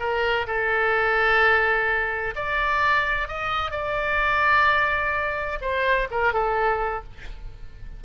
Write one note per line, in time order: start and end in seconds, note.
0.00 0.47 A#4
0.48 2.35 A4
2.36 3.29 D5
3.29 3.72 D#5
3.72 5.59 D5
5.62 6.09 C5
6.11 6.34 A#4
6.34 7.04 A4